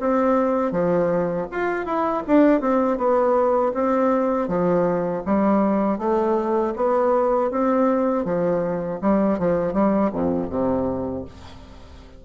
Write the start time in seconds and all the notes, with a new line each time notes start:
0.00 C4
0.71 F3
1.51 F4
1.85 E4
2.27 D4
2.61 C4
2.98 B3
3.74 C4
4.48 F3
5.26 G3
5.98 A3
6.76 B3
7.51 C4
8.25 F3
9.01 G3
9.39 F3
9.73 G3
10.12 F2
10.50 C3